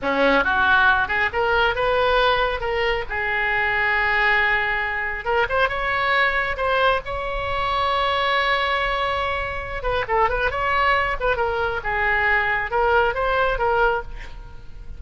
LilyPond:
\new Staff \with { instrumentName = "oboe" } { \time 4/4 \tempo 4 = 137 cis'4 fis'4. gis'8 ais'4 | b'2 ais'4 gis'4~ | gis'1 | ais'8 c''8 cis''2 c''4 |
cis''1~ | cis''2~ cis''8 b'8 a'8 b'8 | cis''4. b'8 ais'4 gis'4~ | gis'4 ais'4 c''4 ais'4 | }